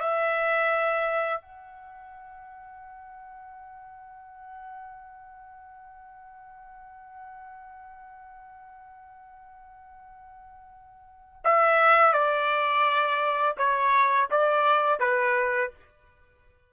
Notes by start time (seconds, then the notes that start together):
0.00 E5
1.42 F#5
11.44 E5
12.13 D5
13.58 C#5
14.31 D5
15.00 B4